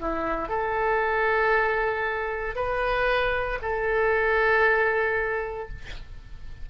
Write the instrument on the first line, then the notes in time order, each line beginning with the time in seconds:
oboe
0.00 E4
0.49 A4
2.55 B4
3.62 A4